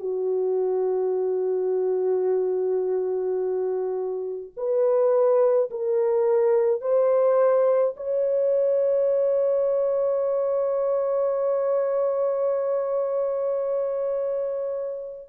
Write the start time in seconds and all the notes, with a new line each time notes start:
0.00 F#4
4.57 B4
5.71 A#4
6.81 C5
7.97 C#5